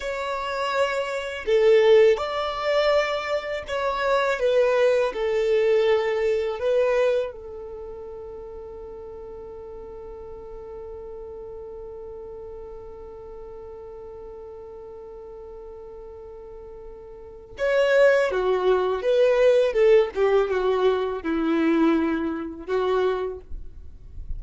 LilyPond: \new Staff \with { instrumentName = "violin" } { \time 4/4 \tempo 4 = 82 cis''2 a'4 d''4~ | d''4 cis''4 b'4 a'4~ | a'4 b'4 a'2~ | a'1~ |
a'1~ | a'1 | cis''4 fis'4 b'4 a'8 g'8 | fis'4 e'2 fis'4 | }